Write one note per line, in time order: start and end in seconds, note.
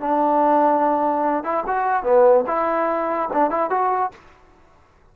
0.00 1.44 D4
1.44 1.64 E4
1.67 2.04 F#4
2.04 2.45 B3
2.47 3.30 E4
3.33 3.51 D4
3.51 3.70 E4
3.70 4.11 F#4